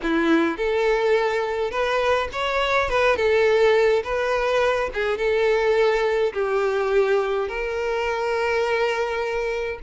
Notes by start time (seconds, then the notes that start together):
0.02 E4
0.57 A4
1.70 B4
2.32 C#5
2.89 B4
3.16 A4
4.03 B4
4.93 G#4
5.17 A4
6.33 G4
7.48 A#4